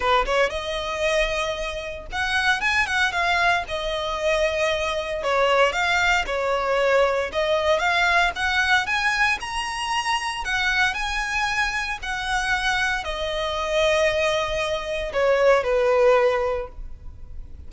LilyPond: \new Staff \with { instrumentName = "violin" } { \time 4/4 \tempo 4 = 115 b'8 cis''8 dis''2. | fis''4 gis''8 fis''8 f''4 dis''4~ | dis''2 cis''4 f''4 | cis''2 dis''4 f''4 |
fis''4 gis''4 ais''2 | fis''4 gis''2 fis''4~ | fis''4 dis''2.~ | dis''4 cis''4 b'2 | }